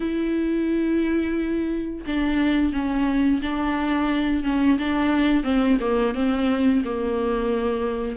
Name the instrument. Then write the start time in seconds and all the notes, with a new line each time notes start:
viola
0.00 E4
2.06 D4
2.73 C#4
3.42 D4
4.43 C#4
4.78 D4
5.43 C4
5.80 A#3
6.14 C4
6.84 A#3